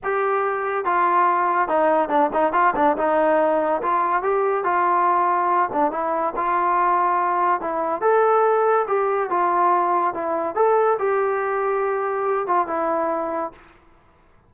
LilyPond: \new Staff \with { instrumentName = "trombone" } { \time 4/4 \tempo 4 = 142 g'2 f'2 | dis'4 d'8 dis'8 f'8 d'8 dis'4~ | dis'4 f'4 g'4 f'4~ | f'4. d'8 e'4 f'4~ |
f'2 e'4 a'4~ | a'4 g'4 f'2 | e'4 a'4 g'2~ | g'4. f'8 e'2 | }